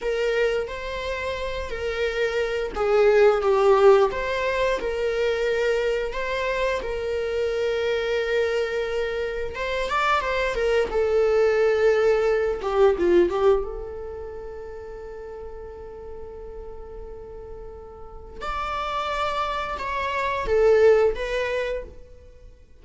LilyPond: \new Staff \with { instrumentName = "viola" } { \time 4/4 \tempo 4 = 88 ais'4 c''4. ais'4. | gis'4 g'4 c''4 ais'4~ | ais'4 c''4 ais'2~ | ais'2 c''8 d''8 c''8 ais'8 |
a'2~ a'8 g'8 f'8 g'8 | a'1~ | a'2. d''4~ | d''4 cis''4 a'4 b'4 | }